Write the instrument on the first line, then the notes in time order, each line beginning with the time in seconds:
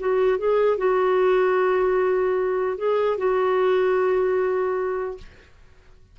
clarinet
0.00 F#4
0.39 G#4
0.78 F#4
2.78 G#4
3.18 F#4